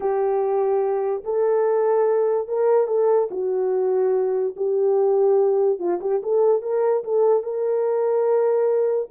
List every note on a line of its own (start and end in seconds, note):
0.00 1.23 G4
1.23 2.47 A4
2.47 2.87 A#4
2.87 3.28 A4
3.30 4.55 F#4
4.56 5.79 G4
5.79 5.99 F4
6.01 6.21 G4
6.23 6.62 A4
6.62 7.03 A#4
7.03 7.43 A4
7.43 9.08 A#4